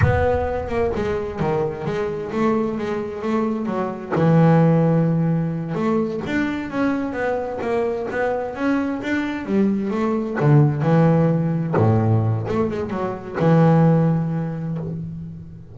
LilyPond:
\new Staff \with { instrumentName = "double bass" } { \time 4/4 \tempo 4 = 130 b4. ais8 gis4 dis4 | gis4 a4 gis4 a4 | fis4 e2.~ | e8 a4 d'4 cis'4 b8~ |
b8 ais4 b4 cis'4 d'8~ | d'8 g4 a4 d4 e8~ | e4. a,4. a8 gis8 | fis4 e2. | }